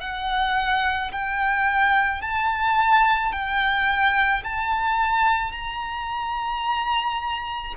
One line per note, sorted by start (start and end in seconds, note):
0.00 1.11 F#5
1.12 2.21 G5
2.21 3.32 A5
3.32 4.43 G5
4.43 5.52 A5
5.52 7.74 A#5